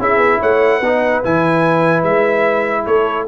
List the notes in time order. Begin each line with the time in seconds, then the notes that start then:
0.00 C#4 E4 G#4 E5
0.18 B3
0.40 A3 C#5 F#5
0.78 B3 B4
0.84 D#4
1.24 E3 E4 G#5
2.04 G#3 E5
2.86 A3 A4 C#5